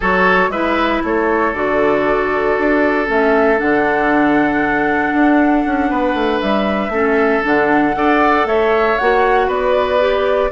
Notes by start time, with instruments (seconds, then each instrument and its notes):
0.00 bassoon F#3, clarinet F#4, oboe A4, flute C#5
0.48 bassoon G#3, clarinet E4, oboe B4, flute E5
1.03 bassoon A3, oboe A4, flute C#5
1.53 bassoon D3, clarinet F#4, flute D5
2.58 bassoon D4
3.06 bassoon A3, clarinet C#4, flute E5
3.57 bassoon D3, clarinet D4, flute F#5
5.13 bassoon D4
5.65 bassoon C#4
5.89 bassoon B3, oboe B4
6.14 bassoon A3
6.40 bassoon G3, flute E5
6.88 bassoon A3, clarinet C#4, oboe A4
7.43 bassoon D3, clarinet D4, flute F#5
7.93 bassoon D4, clarinet A4, oboe D5
8.44 bassoon A3, oboe C#5, flute E5
8.98 bassoon A#3, clarinet F#4, flute F#5
9.47 bassoon B3, oboe B4, flute D5
9.99 clarinet G4